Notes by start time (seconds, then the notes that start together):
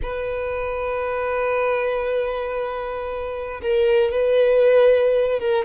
0.02 B4
3.62 A#4
4.11 B4
5.39 A#4